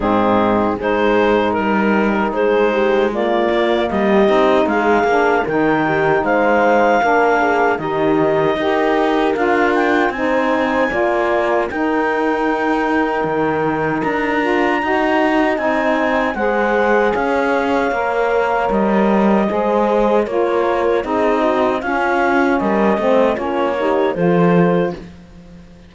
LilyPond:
<<
  \new Staff \with { instrumentName = "clarinet" } { \time 4/4 \tempo 4 = 77 gis'4 c''4 ais'4 c''4 | d''4 dis''4 f''4 g''4 | f''2 dis''2 | f''8 g''8 gis''2 g''4~ |
g''2 ais''2 | gis''4 fis''4 f''2 | dis''2 cis''4 dis''4 | f''4 dis''4 cis''4 c''4 | }
  \new Staff \with { instrumentName = "horn" } { \time 4/4 dis'4 gis'4 ais'4 gis'8 g'8 | f'4 g'4 gis'4 ais'8 g'8 | c''4 ais'8 gis'8 g'4 ais'4~ | ais'4 c''4 d''4 ais'4~ |
ais'2. dis''4~ | dis''4 c''4 cis''2~ | cis''4 c''4 ais'4 gis'8 fis'8 | f'4 ais'8 c''8 f'8 g'8 a'4 | }
  \new Staff \with { instrumentName = "saxophone" } { \time 4/4 c'4 dis'2. | ais4. dis'4 d'8 dis'4~ | dis'4 d'4 dis'4 g'4 | f'4 dis'4 f'4 dis'4~ |
dis'2~ dis'8 f'8 fis'4 | dis'4 gis'2 ais'4~ | ais'4 gis'4 f'4 dis'4 | cis'4. c'8 cis'8 dis'8 f'4 | }
  \new Staff \with { instrumentName = "cello" } { \time 4/4 gis,4 gis4 g4 gis4~ | gis8 ais8 g8 c'8 gis8 ais8 dis4 | gis4 ais4 dis4 dis'4 | d'4 c'4 ais4 dis'4~ |
dis'4 dis4 d'4 dis'4 | c'4 gis4 cis'4 ais4 | g4 gis4 ais4 c'4 | cis'4 g8 a8 ais4 f4 | }
>>